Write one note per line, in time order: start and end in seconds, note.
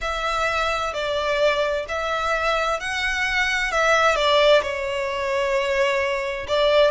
0.01 0.93 E5
0.93 1.85 D5
1.88 2.79 E5
2.79 3.71 F#5
3.71 4.15 E5
4.15 4.62 D5
4.62 6.47 C#5
6.47 6.91 D5